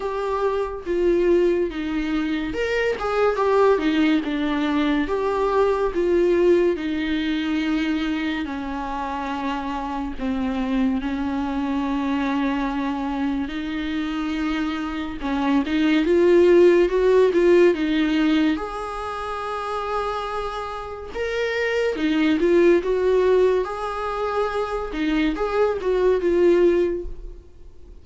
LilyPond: \new Staff \with { instrumentName = "viola" } { \time 4/4 \tempo 4 = 71 g'4 f'4 dis'4 ais'8 gis'8 | g'8 dis'8 d'4 g'4 f'4 | dis'2 cis'2 | c'4 cis'2. |
dis'2 cis'8 dis'8 f'4 | fis'8 f'8 dis'4 gis'2~ | gis'4 ais'4 dis'8 f'8 fis'4 | gis'4. dis'8 gis'8 fis'8 f'4 | }